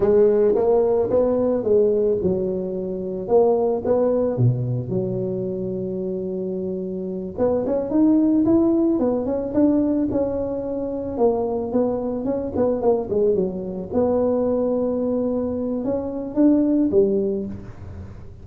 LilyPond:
\new Staff \with { instrumentName = "tuba" } { \time 4/4 \tempo 4 = 110 gis4 ais4 b4 gis4 | fis2 ais4 b4 | b,4 fis2.~ | fis4. b8 cis'8 dis'4 e'8~ |
e'8 b8 cis'8 d'4 cis'4.~ | cis'8 ais4 b4 cis'8 b8 ais8 | gis8 fis4 b2~ b8~ | b4 cis'4 d'4 g4 | }